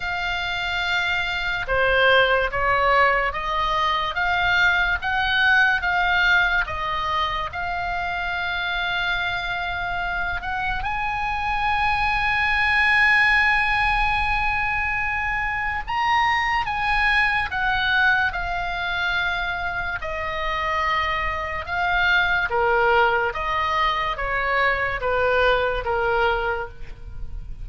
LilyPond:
\new Staff \with { instrumentName = "oboe" } { \time 4/4 \tempo 4 = 72 f''2 c''4 cis''4 | dis''4 f''4 fis''4 f''4 | dis''4 f''2.~ | f''8 fis''8 gis''2.~ |
gis''2. ais''4 | gis''4 fis''4 f''2 | dis''2 f''4 ais'4 | dis''4 cis''4 b'4 ais'4 | }